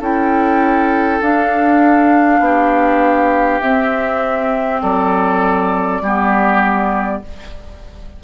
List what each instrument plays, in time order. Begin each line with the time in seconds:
0.00 bassoon C#4, clarinet E4, oboe A4, flute G5
1.22 bassoon D4, clarinet D4, flute F5
2.40 bassoon B3, oboe G4
3.61 bassoon C4, clarinet C4, flute E5
4.82 bassoon F#3, oboe A4, flute D5
6.01 bassoon G3, clarinet B3, oboe G4